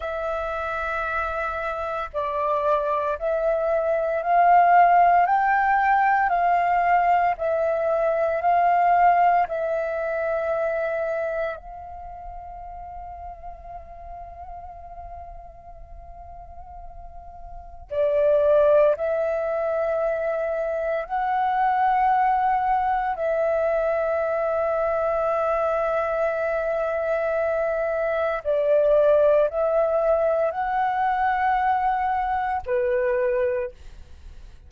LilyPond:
\new Staff \with { instrumentName = "flute" } { \time 4/4 \tempo 4 = 57 e''2 d''4 e''4 | f''4 g''4 f''4 e''4 | f''4 e''2 f''4~ | f''1~ |
f''4 d''4 e''2 | fis''2 e''2~ | e''2. d''4 | e''4 fis''2 b'4 | }